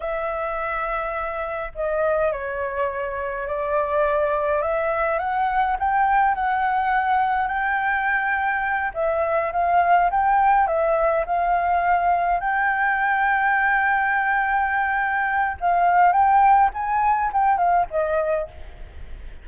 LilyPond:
\new Staff \with { instrumentName = "flute" } { \time 4/4 \tempo 4 = 104 e''2. dis''4 | cis''2 d''2 | e''4 fis''4 g''4 fis''4~ | fis''4 g''2~ g''8 e''8~ |
e''8 f''4 g''4 e''4 f''8~ | f''4. g''2~ g''8~ | g''2. f''4 | g''4 gis''4 g''8 f''8 dis''4 | }